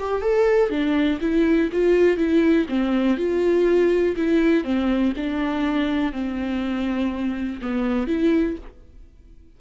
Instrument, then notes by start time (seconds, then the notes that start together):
viola
0.00 G4
0.22 A4
0.70 D4
1.21 E4
1.73 F4
2.17 E4
2.69 C4
3.17 F4
4.17 E4
4.64 C4
5.17 D4
6.13 C4
7.62 B3
8.07 E4